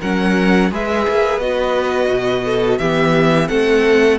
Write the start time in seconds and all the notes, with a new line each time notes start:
0.00 F#3 C#4 A#4 F#5
0.71 G#3 G#4 B4 E5
1.08 A#3
1.38 B3 F#4 D#5
2.09 B2
2.44 A4
2.78 E3 B3 G4 E5
3.48 A3 C4 A4 F#5